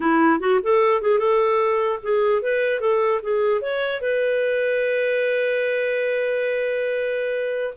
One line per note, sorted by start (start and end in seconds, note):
0.00 0.40 E4
0.40 0.60 F#4
0.62 1.01 A4
1.01 1.18 G#4
1.18 1.99 A4
2.02 2.41 G#4
2.41 2.80 B4
2.80 3.20 A4
3.22 3.61 G#4
3.61 4.01 C#5
4.01 7.73 B4